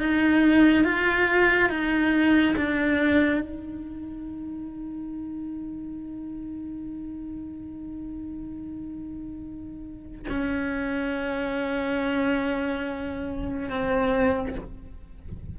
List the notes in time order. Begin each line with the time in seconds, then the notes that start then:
0.00 D#4
0.85 F4
1.70 D#4
2.57 D4
3.41 D#4
10.29 C#4
13.70 C4